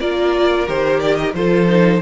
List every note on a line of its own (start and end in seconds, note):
0.00 0.68 A#3
0.00 0.66 F4
0.00 1.35 A#4
0.00 0.67 D5
0.66 1.33 D#3
0.66 1.34 G4
0.66 1.00 C5
1.00 1.15 D5
1.15 1.32 D#5
1.33 2.01 F3
1.33 1.68 F4
1.33 2.01 A4
1.33 2.01 C5
1.68 2.01 D#4